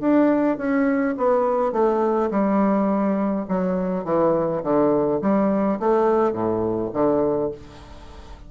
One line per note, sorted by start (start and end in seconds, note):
0.00 0.57 D4
0.57 1.15 C#4
1.17 1.72 B3
1.72 2.30 A3
2.30 3.46 G3
3.48 4.04 F#3
4.04 4.62 E3
4.63 5.21 D3
5.21 5.79 G3
5.79 6.33 A3
6.33 6.90 A2
6.93 7.51 D3